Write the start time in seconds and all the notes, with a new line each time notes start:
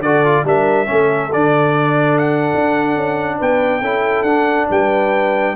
0.00 D3 F#4 A4 D5
0.25 F4
0.45 G3 D4 A#4 E5
0.87 A3 C#4 A4
1.33 D3 D4 D5
2.18 F#5
2.55 D4
2.96 C#4
3.38 B3 B4 G5
3.82 C#4 E4 A4
4.23 D4 F#5
4.69 G3 B4 G5